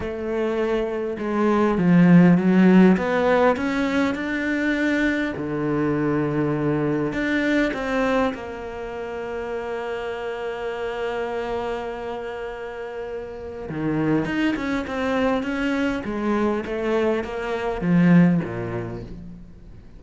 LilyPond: \new Staff \with { instrumentName = "cello" } { \time 4/4 \tempo 4 = 101 a2 gis4 f4 | fis4 b4 cis'4 d'4~ | d'4 d2. | d'4 c'4 ais2~ |
ais1~ | ais2. dis4 | dis'8 cis'8 c'4 cis'4 gis4 | a4 ais4 f4 ais,4 | }